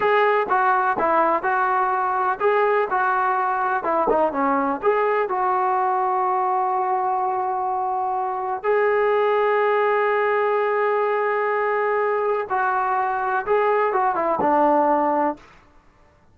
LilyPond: \new Staff \with { instrumentName = "trombone" } { \time 4/4 \tempo 4 = 125 gis'4 fis'4 e'4 fis'4~ | fis'4 gis'4 fis'2 | e'8 dis'8 cis'4 gis'4 fis'4~ | fis'1~ |
fis'2 gis'2~ | gis'1~ | gis'2 fis'2 | gis'4 fis'8 e'8 d'2 | }